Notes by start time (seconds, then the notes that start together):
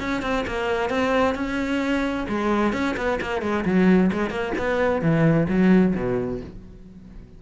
0.00 C#4
0.22 C4
0.47 A#3
0.90 C4
1.35 C#4
2.29 G#3
2.73 C#4
2.97 B3
3.21 A#3
3.42 G#3
3.65 F#3
4.13 G#3
4.30 A#3
4.58 B3
5.02 E3
5.49 F#3
5.95 B2